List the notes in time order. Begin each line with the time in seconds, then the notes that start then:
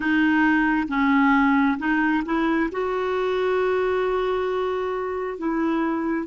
0.00 D#4
0.88 C#4
1.78 D#4
2.25 E4
2.71 F#4
5.38 E4